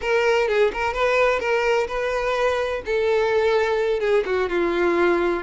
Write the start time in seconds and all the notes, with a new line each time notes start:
0.01 A#4
0.47 G#4
0.73 A#4
0.93 B4
1.39 A#4
1.87 B4
2.85 A4
3.99 G#4
4.25 F#4
4.49 F4